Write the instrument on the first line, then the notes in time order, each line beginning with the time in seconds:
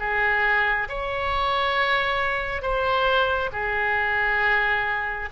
oboe
0.00 G#4
0.89 C#5
2.62 C5
3.53 G#4